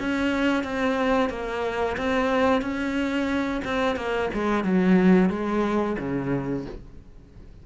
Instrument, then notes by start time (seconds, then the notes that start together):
cello
0.00 C#4
0.64 C4
1.30 A#3
1.98 C4
2.62 C#4
3.65 C4
3.97 A#3
4.34 G#3
4.65 F#3
5.30 G#3
5.99 C#3